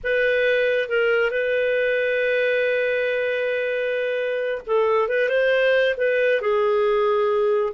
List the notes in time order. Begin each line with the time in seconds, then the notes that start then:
0.03 B4
0.88 A#4
1.30 B4
4.66 A4
5.08 B4
5.29 C5
5.97 B4
6.41 G#4